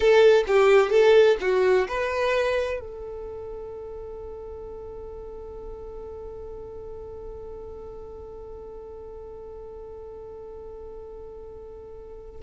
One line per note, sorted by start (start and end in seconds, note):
0.00 0.44 A4
0.47 0.90 G4
0.90 1.37 A4
1.41 1.87 F#4
1.87 2.80 B4
2.80 12.40 A4